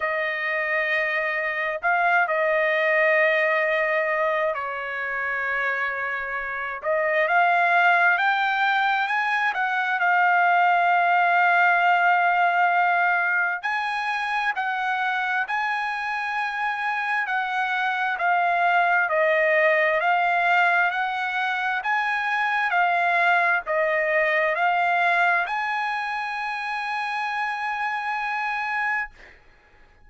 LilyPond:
\new Staff \with { instrumentName = "trumpet" } { \time 4/4 \tempo 4 = 66 dis''2 f''8 dis''4.~ | dis''4 cis''2~ cis''8 dis''8 | f''4 g''4 gis''8 fis''8 f''4~ | f''2. gis''4 |
fis''4 gis''2 fis''4 | f''4 dis''4 f''4 fis''4 | gis''4 f''4 dis''4 f''4 | gis''1 | }